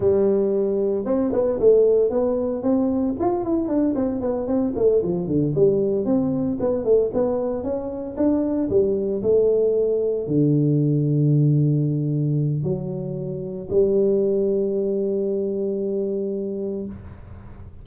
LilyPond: \new Staff \with { instrumentName = "tuba" } { \time 4/4 \tempo 4 = 114 g2 c'8 b8 a4 | b4 c'4 f'8 e'8 d'8 c'8 | b8 c'8 a8 f8 d8 g4 c'8~ | c'8 b8 a8 b4 cis'4 d'8~ |
d'8 g4 a2 d8~ | d1 | fis2 g2~ | g1 | }